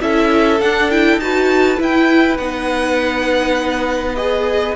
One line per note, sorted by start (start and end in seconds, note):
0.00 0.61 C#4
0.00 0.59 E4
0.00 1.22 A4
0.00 0.61 E5
0.61 1.17 D4
0.61 0.91 D4
0.61 0.90 F#5
0.90 1.20 E4
0.90 1.20 G5
1.17 1.76 D#4
1.17 1.77 F#4
1.17 1.80 A5
1.23 4.76 B4
1.77 2.37 E4
1.77 2.38 E4
1.77 2.38 G5
2.38 4.76 B3
2.38 4.16 D#4
2.38 4.15 F#5
4.15 4.76 G#4
4.15 4.75 D#5